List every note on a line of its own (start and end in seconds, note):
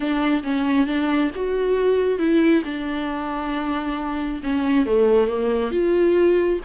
0.00 0.43 D4
0.43 0.86 C#4
0.86 1.30 D4
1.35 2.18 F#4
2.18 2.62 E4
2.64 4.41 D4
4.43 4.85 C#4
4.85 5.27 A3
5.27 5.71 A#3
5.71 6.59 F4